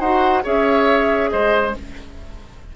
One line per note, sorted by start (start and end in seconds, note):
0.00 0.44 D#4
0.00 0.43 F#4
0.00 0.43 C5
0.00 0.43 F#5
0.43 1.33 C#4
0.43 1.74 G#4
0.43 1.31 C#5
0.43 1.31 E5
1.31 1.76 G#3
1.31 1.76 C5
1.31 1.74 D#5